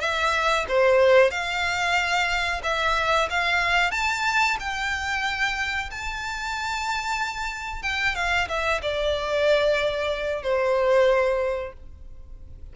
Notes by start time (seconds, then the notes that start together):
0.00 E5
0.68 C5
1.31 F5
2.63 E5
3.30 F5
3.91 A5
4.59 G5
5.91 A5
7.82 G5
8.15 F5
8.48 E5
8.82 D5
10.43 C5